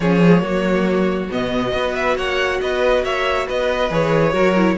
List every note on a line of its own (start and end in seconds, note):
0.00 0.42 F3
0.00 0.23 C#4
0.00 0.42 G#4
0.00 1.31 C#5
0.24 0.41 G#3
0.41 1.29 F#3
0.41 1.28 A#3
0.41 1.72 F#4
1.31 1.72 B2
1.31 1.71 B3
1.31 1.95 D#5
1.71 2.16 B3
1.71 3.88 F#4
1.71 2.16 B4
1.95 2.17 E5
2.16 2.60 A#3
2.16 2.60 C#5
2.16 2.61 F#5
2.61 3.03 B3
2.61 3.04 B4
2.61 3.04 D#5
3.03 3.47 A#3
3.03 3.47 C#5
3.03 3.47 E5
3.47 3.90 B3
3.47 4.32 B4
3.47 3.92 D#5
3.90 4.33 E3
3.90 4.32 G#4
3.90 4.77 C#5
4.32 4.76 F#3
4.32 4.54 F#4
4.32 4.75 A#4
4.56 4.77 E4